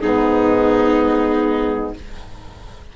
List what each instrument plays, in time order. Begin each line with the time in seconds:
0.00 bassoon G#2, saxophone B3, viola D#4, clarinet G#4